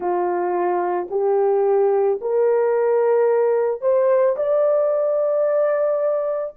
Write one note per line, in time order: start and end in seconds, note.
0.00 1.08 F4
1.10 2.19 G4
2.21 3.81 A#4
3.81 4.35 C5
4.36 6.54 D5